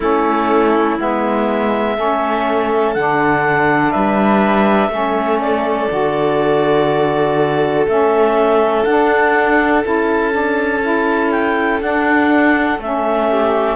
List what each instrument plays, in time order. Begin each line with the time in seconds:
0.00 cello A3, saxophone C#4, violin E4, clarinet A4
0.99 cello G#3, saxophone B3, clarinet E5
1.96 cello A3, saxophone C#4, violin A4
2.93 cello D3, saxophone D4, clarinet F#5
3.91 cello G3, violin B4, clarinet E5
4.88 cello A3, saxophone C#4, violin A4
5.40 clarinet D5
5.90 cello D3, saxophone F#4
7.86 cello A3, saxophone C#4, clarinet E5
8.84 cello D4, saxophone D4, clarinet F#5
9.84 cello C#4, saxophone E4, clarinet A5
10.31 saxophone D4
10.81 saxophone E4
11.31 clarinet G5
11.81 saxophone D4, cello D4, clarinet F#5
12.78 cello A3, saxophone C#4, clarinet E5
13.29 violin G4